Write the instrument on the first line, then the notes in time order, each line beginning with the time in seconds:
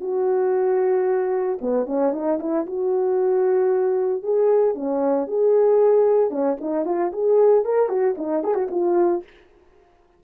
horn
0.00 F#4
1.61 B3
1.86 C#4
2.12 D#4
2.39 E4
2.66 F#4
4.22 G#4
4.75 C#4
5.27 G#4
6.30 C#4
6.61 D#4
6.85 F4
7.12 G#4
7.64 A#4
7.89 F#4
8.17 D#4
8.43 G#4
8.54 F#4
8.71 F4